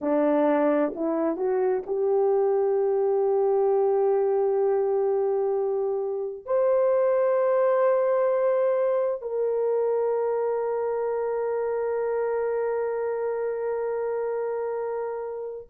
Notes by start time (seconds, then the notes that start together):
0.01 D4
0.95 E4
1.36 F#4
1.86 G4
6.45 C5
9.21 A#4